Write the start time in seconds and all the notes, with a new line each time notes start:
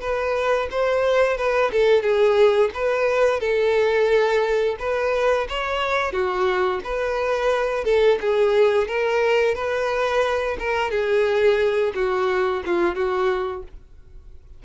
0.00 B4
0.70 C5
1.37 B4
1.72 A4
2.02 G#4
2.74 B4
3.40 A4
4.79 B4
5.49 C#5
6.12 F#4
6.84 B4
7.84 A4
8.20 G#4
8.87 A#4
9.55 B4
10.59 A#4
10.90 G#4
11.94 F#4
12.65 F4
12.95 F#4